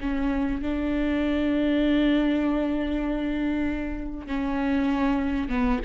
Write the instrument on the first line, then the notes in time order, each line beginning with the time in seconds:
viola
0.00 C#4
0.61 D4
4.26 C#4
5.49 B3